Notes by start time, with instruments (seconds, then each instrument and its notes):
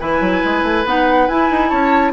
0.00 bassoon E3, clarinet E4, oboe B4, flute G#5
0.21 bassoon F#3
0.45 bassoon G#3
0.63 bassoon A3
0.86 bassoon B3, clarinet D#4, flute F#5
1.28 bassoon E4, clarinet E4, flute G#5
1.51 bassoon D#4
1.70 bassoon C#4, oboe C#5, flute A5